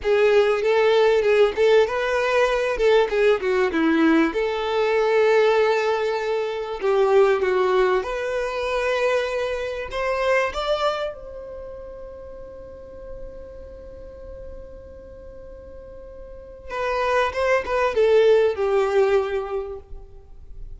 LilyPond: \new Staff \with { instrumentName = "violin" } { \time 4/4 \tempo 4 = 97 gis'4 a'4 gis'8 a'8 b'4~ | b'8 a'8 gis'8 fis'8 e'4 a'4~ | a'2. g'4 | fis'4 b'2. |
c''4 d''4 c''2~ | c''1~ | c''2. b'4 | c''8 b'8 a'4 g'2 | }